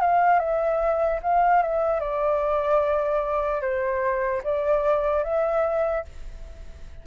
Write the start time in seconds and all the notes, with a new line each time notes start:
0.00 F5
0.39 E5
1.22 F5
1.62 E5
2.00 D5
3.61 C5
4.43 D5
5.23 E5